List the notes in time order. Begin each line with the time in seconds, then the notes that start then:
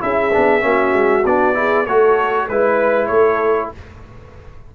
0.00 C#4 E4 G#4 E5
0.33 B3 D4
0.61 A#3 C#4 F#4
0.93 G#3
1.25 B3 D4 D5
1.54 E4 G#4
1.86 A3 F#4 A4 C#5
2.48 G#3 E4 B4
3.07 A3 A4 C#5